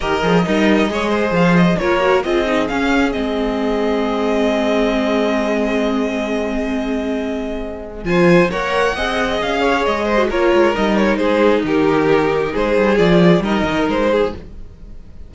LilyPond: <<
  \new Staff \with { instrumentName = "violin" } { \time 4/4 \tempo 4 = 134 dis''2. f''8 dis''8 | cis''4 dis''4 f''4 dis''4~ | dis''1~ | dis''1~ |
dis''2 gis''4 fis''4~ | fis''4 f''4 dis''4 cis''4 | dis''8 cis''8 c''4 ais'2 | c''4 d''4 dis''4 c''4 | }
  \new Staff \with { instrumentName = "violin" } { \time 4/4 ais'4 dis'4 cis''8 c''4. | ais'4 gis'2.~ | gis'1~ | gis'1~ |
gis'2 c''4 cis''4 | dis''4. cis''4 c''8 ais'4~ | ais'4 gis'4 g'2 | gis'2 ais'4. gis'8 | }
  \new Staff \with { instrumentName = "viola" } { \time 4/4 g'8 gis'8 ais'4 gis'2 | f'8 fis'8 f'8 dis'8 cis'4 c'4~ | c'1~ | c'1~ |
c'2 f'4 ais'4 | gis'2~ gis'8. fis'16 f'4 | dis'1~ | dis'4 f'4 dis'2 | }
  \new Staff \with { instrumentName = "cello" } { \time 4/4 dis8 f8 g4 gis4 f4 | ais4 c'4 cis'4 gis4~ | gis1~ | gis1~ |
gis2 f4 ais4 | c'4 cis'4 gis4 ais8 gis8 | g4 gis4 dis2 | gis8 g8 f4 g8 dis8 gis4 | }
>>